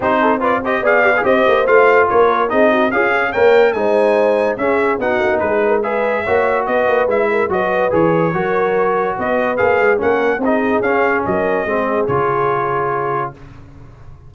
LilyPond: <<
  \new Staff \with { instrumentName = "trumpet" } { \time 4/4 \tempo 4 = 144 c''4 d''8 dis''8 f''4 dis''4 | f''4 cis''4 dis''4 f''4 | g''4 gis''2 e''4 | fis''4 b'4 e''2 |
dis''4 e''4 dis''4 cis''4~ | cis''2 dis''4 f''4 | fis''4 dis''4 f''4 dis''4~ | dis''4 cis''2. | }
  \new Staff \with { instrumentName = "horn" } { \time 4/4 g'8 a'8 b'8 c''8 d''4 c''4~ | c''4 ais'4 gis'8 fis'8 f'8 gis'8 | cis''4 c''2 gis'4 | fis'4 gis'8 ais'8 b'4 cis''4 |
b'4. ais'8 b'2 | ais'2 b'2 | ais'4 gis'2 ais'4 | gis'1 | }
  \new Staff \with { instrumentName = "trombone" } { \time 4/4 dis'4 f'8 g'8 gis'8 g'16 gis'16 g'4 | f'2 dis'4 gis'4 | ais'4 dis'2 cis'4 | dis'2 gis'4 fis'4~ |
fis'4 e'4 fis'4 gis'4 | fis'2. gis'4 | cis'4 dis'4 cis'2 | c'4 f'2. | }
  \new Staff \with { instrumentName = "tuba" } { \time 4/4 c'2 b4 c'8 ais8 | a4 ais4 c'4 cis'4 | ais4 gis2 cis'4 | b8 ais8 gis2 ais4 |
b8 ais8 gis4 fis4 e4 | fis2 b4 ais8 gis8 | ais4 c'4 cis'4 fis4 | gis4 cis2. | }
>>